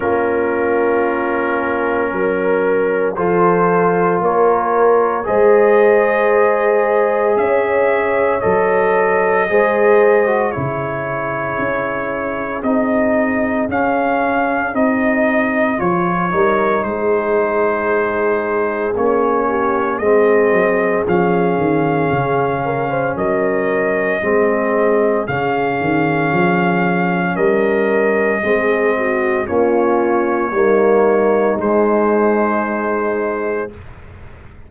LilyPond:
<<
  \new Staff \with { instrumentName = "trumpet" } { \time 4/4 \tempo 4 = 57 ais'2. c''4 | cis''4 dis''2 e''4 | dis''2 cis''2 | dis''4 f''4 dis''4 cis''4 |
c''2 cis''4 dis''4 | f''2 dis''2 | f''2 dis''2 | cis''2 c''2 | }
  \new Staff \with { instrumentName = "horn" } { \time 4/4 f'2 ais'4 a'4 | ais'4 c''2 cis''4~ | cis''4 c''4 gis'2~ | gis'2.~ gis'8 ais'8 |
gis'2~ gis'8 g'8 gis'4~ | gis'4. ais'16 c''16 ais'4 gis'4~ | gis'2 ais'4 gis'8 fis'8 | f'4 dis'2. | }
  \new Staff \with { instrumentName = "trombone" } { \time 4/4 cis'2. f'4~ | f'4 gis'2. | a'4 gis'8. fis'16 e'2 | dis'4 cis'4 dis'4 f'8 dis'8~ |
dis'2 cis'4 c'4 | cis'2. c'4 | cis'2. c'4 | cis'4 ais4 gis2 | }
  \new Staff \with { instrumentName = "tuba" } { \time 4/4 ais2 fis4 f4 | ais4 gis2 cis'4 | fis4 gis4 cis4 cis'4 | c'4 cis'4 c'4 f8 g8 |
gis2 ais4 gis8 fis8 | f8 dis8 cis4 fis4 gis4 | cis8 dis8 f4 g4 gis4 | ais4 g4 gis2 | }
>>